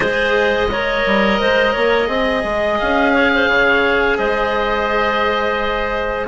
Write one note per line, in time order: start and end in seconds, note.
0.00 1.03 G#3
0.00 0.70 G#4
0.00 0.69 C5
0.00 2.78 D#5
0.71 2.07 A#4
0.71 1.40 C#5
1.06 1.40 G3
1.40 1.75 G#3
1.40 1.73 C5
1.73 2.08 A#3
1.73 2.07 C#5
2.07 2.43 C4
2.07 6.25 G#4
2.07 3.13 D#5
2.44 2.79 G#3
2.79 3.47 C#4
2.79 4.17 F5
3.13 3.30 C#5
3.34 3.48 C5
3.47 4.16 C#3
3.47 4.18 C#5
4.17 6.27 G#3
4.17 6.27 C5
4.17 6.27 D#5